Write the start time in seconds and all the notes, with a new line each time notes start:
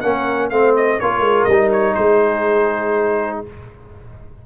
0.00 A#3 C#4 A#4 F#5
0.50 A3 C4 C5 F5
0.76 D#5
1.00 A#3 F4 A#4 C#5
1.20 G#3
1.44 G3 D#5
1.52 D#4
1.72 C#5
1.94 G#3 G#4 C5